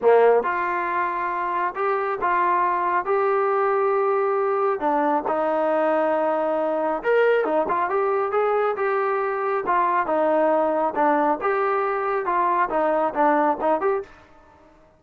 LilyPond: \new Staff \with { instrumentName = "trombone" } { \time 4/4 \tempo 4 = 137 ais4 f'2. | g'4 f'2 g'4~ | g'2. d'4 | dis'1 |
ais'4 dis'8 f'8 g'4 gis'4 | g'2 f'4 dis'4~ | dis'4 d'4 g'2 | f'4 dis'4 d'4 dis'8 g'8 | }